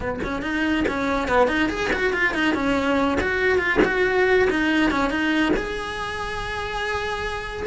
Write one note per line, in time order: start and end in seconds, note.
0.00 0.19 B3
0.23 0.42 C#4
0.42 0.84 D#4
0.88 1.28 C#4
1.28 1.47 B3
1.47 1.69 D#4
1.69 1.90 G#4
1.92 2.13 F#4
2.13 2.33 F4
2.33 2.54 D#4
2.54 3.18 C#4
3.21 3.58 F#4
3.58 3.79 F4
3.84 4.48 F#4
4.50 4.91 D#4
4.91 5.09 C#4
5.09 5.52 D#4
5.56 7.66 G#4